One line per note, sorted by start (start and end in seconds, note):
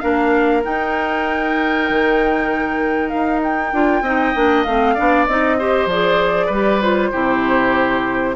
0.00 0.65 A#3
0.00 0.63 D4
0.00 4.03 A#4
0.00 0.62 F5
0.63 3.73 D#4
0.63 1.90 D#4
0.63 3.09 G5
1.90 3.13 D#3
3.09 3.73 D#4
3.09 3.40 F5
3.43 4.64 G5
3.73 4.02 D4
3.73 4.04 F4
4.02 4.33 C4
4.02 4.35 D#4
4.02 4.94 D#5
4.35 4.66 A#3
4.35 4.66 D4
4.64 4.97 A3
4.64 4.97 C4
4.64 5.26 F5
4.94 5.28 B3
4.94 5.28 D4
4.94 5.56 D5
5.26 5.86 C4
5.26 5.59 D#4
5.26 5.88 D#5
5.59 5.90 G4
5.59 6.47 C5
5.86 6.48 F3
5.86 6.53 G#4
5.86 6.82 D5
6.47 7.11 G3
6.47 7.09 B4
6.53 6.82 G4
6.82 7.12 F4
6.82 8.36 C5
7.12 8.36 C3
7.12 8.36 E4
7.12 8.36 G4